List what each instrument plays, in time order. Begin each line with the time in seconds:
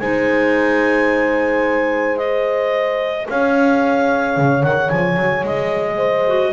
0.00 double bass G#3, clarinet D#4 G#5, horn C5
2.18 clarinet G#4 D#5
3.29 double bass C#4, horn C#5, clarinet F5
4.37 double bass C#3
4.64 double bass D#3, clarinet F#5
4.90 double bass F3, clarinet G#5
5.17 double bass F#3
5.44 double bass G#3, clarinet D#5
5.97 horn C5
6.27 clarinet F#4